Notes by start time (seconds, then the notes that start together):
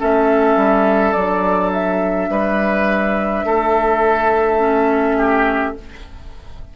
0.00 A3 C#4 A4 E5
0.56 G3
1.13 F#3 D4 D5
1.73 E5
2.29 G3 B4
3.45 A3 A4
4.60 C#4
5.17 G4